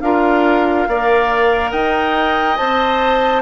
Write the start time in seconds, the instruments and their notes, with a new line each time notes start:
0.00 bassoon D4, clarinet F4, oboe A#4, flute F5
0.87 bassoon A#3, clarinet A#4, oboe D5
1.71 bassoon D#4, oboe D#5, flute G5
2.56 bassoon C4, clarinet C5, flute A5